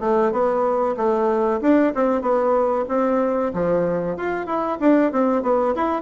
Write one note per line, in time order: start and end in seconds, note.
0.00 0.32 A3
0.32 0.96 B3
0.97 1.60 A3
1.61 1.93 D4
1.95 2.21 C4
2.21 2.85 B3
2.88 3.52 C4
3.54 4.17 F3
4.17 4.46 F4
4.46 4.78 E4
4.80 5.12 D4
5.12 5.42 C4
5.42 5.74 B3
5.75 6.02 E4